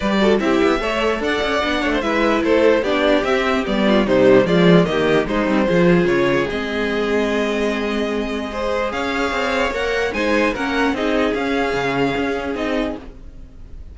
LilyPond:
<<
  \new Staff \with { instrumentName = "violin" } { \time 4/4 \tempo 4 = 148 d''4 e''2 fis''4~ | fis''4 e''4 c''4 d''4 | e''4 d''4 c''4 d''4 | dis''4 c''2 cis''4 |
dis''1~ | dis''2 f''2 | fis''4 gis''4 fis''4 dis''4 | f''2. dis''4 | }
  \new Staff \with { instrumentName = "violin" } { \time 4/4 b'8 a'8 g'4 cis''4 d''4~ | d''8 cis''16 c''16 b'4 a'4 g'4~ | g'4. f'8 dis'4 f'4 | g'4 dis'4 gis'2~ |
gis'1~ | gis'4 c''4 cis''2~ | cis''4 c''4 ais'4 gis'4~ | gis'1 | }
  \new Staff \with { instrumentName = "viola" } { \time 4/4 g'8 fis'8 e'4 a'2 | d'4 e'2 d'4 | c'4 b4 g4 gis4 | ais4 gis8 c'8 f'2 |
c'1~ | c'4 gis'2. | ais'4 dis'4 cis'4 dis'4 | cis'2. dis'4 | }
  \new Staff \with { instrumentName = "cello" } { \time 4/4 g4 c'8 b8 a4 d'8 cis'8 | b8 a8 gis4 a4 b4 | c'4 g4 c4 f4 | dis4 gis8 g8 f4 cis4 |
gis1~ | gis2 cis'4 c'4 | ais4 gis4 ais4 c'4 | cis'4 cis4 cis'4 c'4 | }
>>